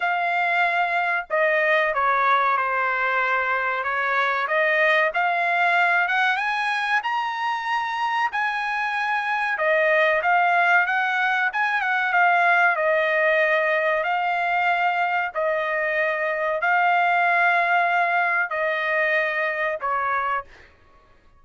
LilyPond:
\new Staff \with { instrumentName = "trumpet" } { \time 4/4 \tempo 4 = 94 f''2 dis''4 cis''4 | c''2 cis''4 dis''4 | f''4. fis''8 gis''4 ais''4~ | ais''4 gis''2 dis''4 |
f''4 fis''4 gis''8 fis''8 f''4 | dis''2 f''2 | dis''2 f''2~ | f''4 dis''2 cis''4 | }